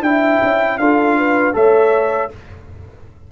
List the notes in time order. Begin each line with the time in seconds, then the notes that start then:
0.00 D4 E4 E5 G5
0.42 C#4
0.78 D4 F4 A4 F5
1.17 B4
1.53 A3 A4 C#5 E5